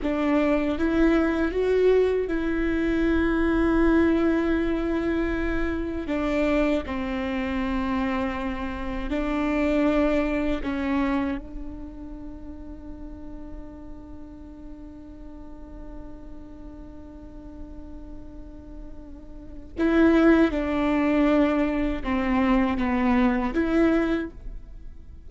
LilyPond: \new Staff \with { instrumentName = "viola" } { \time 4/4 \tempo 4 = 79 d'4 e'4 fis'4 e'4~ | e'1 | d'4 c'2. | d'2 cis'4 d'4~ |
d'1~ | d'1~ | d'2 e'4 d'4~ | d'4 c'4 b4 e'4 | }